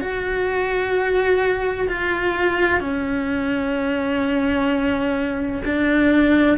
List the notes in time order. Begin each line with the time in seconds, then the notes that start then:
0.00 F#4
1.88 F4
2.80 C#4
5.64 D4